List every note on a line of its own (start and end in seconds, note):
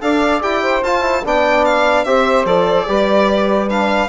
0.00 0.42 D4
0.00 0.40 A4
0.00 0.62 D5
0.00 0.41 F5
0.40 0.82 E4
0.40 0.81 G4
0.40 0.83 G5
0.62 1.23 C5
0.82 1.23 F4
0.82 1.01 F4
0.82 1.24 A5
1.01 1.21 E4
1.24 2.05 B3
1.24 2.06 D4
1.24 2.05 D5
1.24 1.65 G5
1.65 2.04 F5
2.04 2.45 C4
2.04 2.46 G4
2.04 2.87 C5
2.04 2.45 E5
2.45 2.86 F3
2.45 2.87 A4
2.45 3.69 D5
2.87 4.09 G3
2.87 3.69 G4
2.87 4.09 B4
3.69 4.09 D4
3.69 4.09 F5